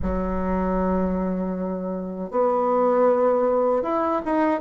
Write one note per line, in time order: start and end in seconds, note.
0.02 2.30 F#3
2.30 3.83 B3
3.83 4.21 E4
4.25 4.60 D#4